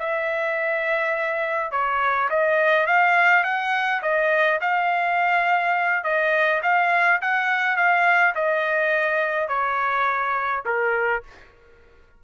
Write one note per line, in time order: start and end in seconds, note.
0.00 1.72 E5
1.72 2.29 C#5
2.30 2.87 D#5
2.87 3.44 F5
3.44 4.02 F#5
4.03 4.60 D#5
4.61 6.04 F5
6.04 6.62 D#5
6.63 7.21 F5
7.22 7.77 F#5
7.77 8.35 F5
8.35 9.49 D#5
9.49 10.64 C#5
10.66 11.23 A#4